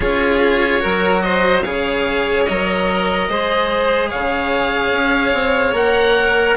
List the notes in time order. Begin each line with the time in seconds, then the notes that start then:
0.00 C#4 F4 G#4 C#5
0.79 F#3 F#4 A#4
1.22 C5 D#5
1.61 C#3 G#4 C#5 F5
2.45 F#3 A#4 D#5
3.28 G#3 G#4 C5
4.09 C#3 C#5 F5
4.91 C#4
5.33 C4
5.72 A#3 A#4 F#5